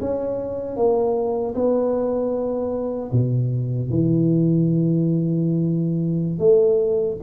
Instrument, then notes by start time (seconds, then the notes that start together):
tuba
0.00 C#4
0.76 A#3
1.54 B3
3.12 B2
3.90 E3
6.39 A3